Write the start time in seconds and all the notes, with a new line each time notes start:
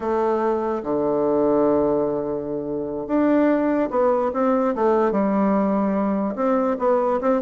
0.00 A3
0.83 D3
3.07 D4
3.90 B3
4.33 C4
4.75 A3
5.11 G3
6.35 C4
6.79 B3
7.21 C4